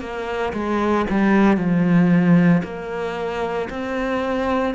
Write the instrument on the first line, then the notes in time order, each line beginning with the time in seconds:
cello
0.00 A#3
0.53 G#3
1.10 G3
1.57 F3
2.63 A#3
3.69 C4